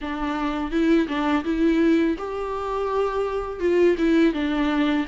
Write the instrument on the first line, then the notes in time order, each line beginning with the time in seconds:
viola
0.01 D4
0.71 E4
1.07 D4
1.44 E4
2.18 G4
3.59 F4
3.98 E4
4.33 D4